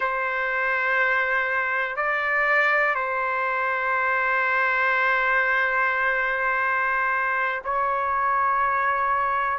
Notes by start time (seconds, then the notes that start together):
0.00 C5
1.96 D5
2.94 C5
7.64 C#5